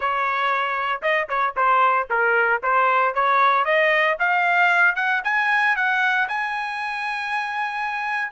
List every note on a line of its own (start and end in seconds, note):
0.00 1.01 C#5
1.02 1.28 D#5
1.28 1.54 C#5
1.56 2.08 C5
2.10 2.62 A#4
2.62 3.14 C5
3.14 3.65 C#5
3.65 4.17 D#5
4.19 4.95 F5
4.95 5.21 F#5
5.23 5.76 G#5
5.76 6.28 F#5
6.28 8.31 G#5